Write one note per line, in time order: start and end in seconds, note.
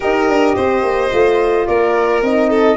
0.00 0.28 D#4
0.00 1.11 G4
0.00 0.55 A#4
0.00 1.66 D#5
0.28 0.56 D4
0.55 0.82 C4
0.55 1.66 C5
0.82 1.10 A#3
1.11 1.67 A3
1.11 2.22 F4
1.66 2.22 A#3
1.66 2.49 A#4
1.66 2.21 D5
2.22 2.76 C4
2.22 2.76 D#4
2.22 2.76 D#5
2.49 2.76 A4